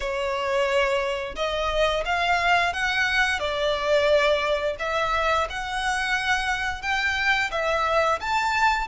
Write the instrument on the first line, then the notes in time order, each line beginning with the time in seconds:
violin
0.00 C#5
1.35 D#5
2.05 F5
2.73 F#5
3.39 D5
4.79 E5
5.49 F#5
6.82 G5
7.51 E5
8.20 A5